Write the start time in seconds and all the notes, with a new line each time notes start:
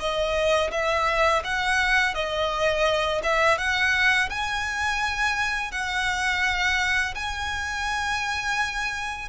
0.00 D#5
0.72 E5
1.44 F#5
2.15 D#5
3.24 E5
3.58 F#5
4.30 G#5
5.72 F#5
7.15 G#5